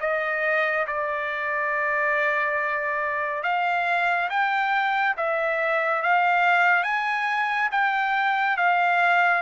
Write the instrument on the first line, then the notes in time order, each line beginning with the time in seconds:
trumpet
0.00 D#5
0.86 D5
3.43 F5
4.29 G5
5.17 E5
6.02 F5
6.83 G#5
7.71 G5
8.57 F5